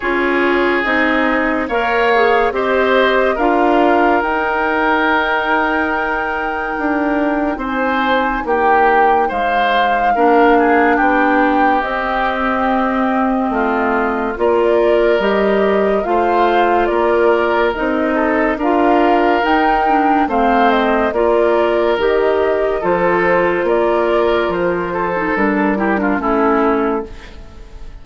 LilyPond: <<
  \new Staff \with { instrumentName = "flute" } { \time 4/4 \tempo 4 = 71 cis''4 dis''4 f''4 dis''4 | f''4 g''2.~ | g''4 gis''4 g''4 f''4~ | f''4 g''4 dis''2~ |
dis''4 d''4 dis''4 f''4 | d''4 dis''4 f''4 g''4 | f''8 dis''8 d''4 dis''4 c''4 | d''4 c''4 ais'4 a'4 | }
  \new Staff \with { instrumentName = "oboe" } { \time 4/4 gis'2 cis''4 c''4 | ais'1~ | ais'4 c''4 g'4 c''4 | ais'8 gis'8 g'2. |
f'4 ais'2 c''4 | ais'4. a'8 ais'2 | c''4 ais'2 a'4 | ais'4. a'4 g'16 f'16 e'4 | }
  \new Staff \with { instrumentName = "clarinet" } { \time 4/4 f'4 dis'4 ais'8 gis'8 g'4 | f'4 dis'2.~ | dis'1 | d'2 c'2~ |
c'4 f'4 g'4 f'4~ | f'4 dis'4 f'4 dis'8 d'8 | c'4 f'4 g'4 f'4~ | f'4.~ f'16 dis'16 d'8 e'16 d'16 cis'4 | }
  \new Staff \with { instrumentName = "bassoon" } { \time 4/4 cis'4 c'4 ais4 c'4 | d'4 dis'2. | d'4 c'4 ais4 gis4 | ais4 b4 c'2 |
a4 ais4 g4 a4 | ais4 c'4 d'4 dis'4 | a4 ais4 dis4 f4 | ais4 f4 g4 a4 | }
>>